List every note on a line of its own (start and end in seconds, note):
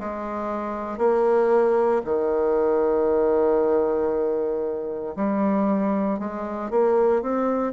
0.00 0.98 G#3
0.98 2.02 A#3
2.05 5.15 D#3
5.16 6.19 G3
6.19 6.71 G#3
6.71 7.22 A#3
7.22 7.73 C4